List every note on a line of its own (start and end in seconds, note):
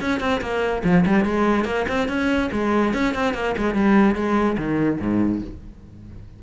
0.00 0.20 C#4
0.20 0.41 C4
0.41 0.83 A#3
0.84 1.04 F3
1.05 1.24 G3
1.24 1.65 G#3
1.65 1.85 A#3
1.88 2.08 C4
2.08 2.50 C#4
2.52 2.93 G#3
2.93 3.14 C#4
3.14 3.34 C4
3.34 3.55 A#3
3.57 3.74 G#3
3.74 4.15 G3
4.15 4.56 G#3
4.57 4.99 D#3
5.00 5.41 G#2